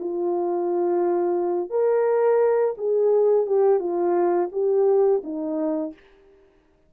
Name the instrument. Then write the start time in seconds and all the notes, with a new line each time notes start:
horn
0.00 F4
1.70 A#4
2.78 G#4
3.47 G4
3.80 F4
4.52 G4
5.24 D#4